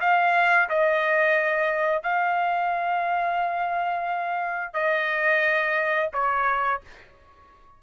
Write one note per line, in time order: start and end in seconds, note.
0.00 0.68 F5
0.68 2.02 D#5
2.02 4.73 F5
4.73 6.10 D#5
6.13 6.81 C#5